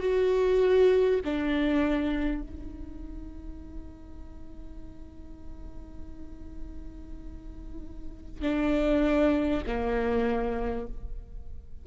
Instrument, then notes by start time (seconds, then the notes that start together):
viola
0.00 F#4
1.25 D4
2.42 D#4
8.42 D4
9.67 A#3